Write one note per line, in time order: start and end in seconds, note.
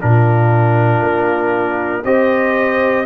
0.00 1.01 A#2
0.00 2.03 D4
0.00 2.05 F4
0.00 2.04 A#4
1.01 2.03 A#3
2.04 3.06 C4
2.04 3.06 G4
2.04 3.06 C5
2.04 3.06 D#5